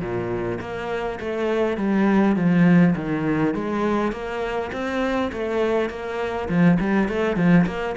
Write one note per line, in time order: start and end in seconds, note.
0.00 0.59 A#2
0.60 1.19 A#3
1.20 1.77 A3
1.77 2.36 G3
2.36 2.94 F3
2.95 3.54 D#3
3.54 4.11 G#3
4.11 4.70 A#3
4.72 5.31 C4
5.32 5.89 A3
5.89 6.48 A#3
6.48 6.78 F3
6.80 7.08 G3
7.08 7.36 A3
7.36 7.65 F3
7.66 7.95 A#3